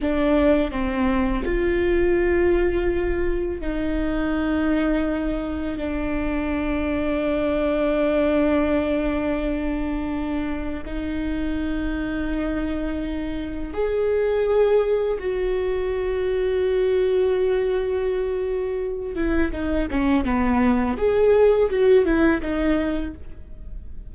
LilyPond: \new Staff \with { instrumentName = "viola" } { \time 4/4 \tempo 4 = 83 d'4 c'4 f'2~ | f'4 dis'2. | d'1~ | d'2. dis'4~ |
dis'2. gis'4~ | gis'4 fis'2.~ | fis'2~ fis'8 e'8 dis'8 cis'8 | b4 gis'4 fis'8 e'8 dis'4 | }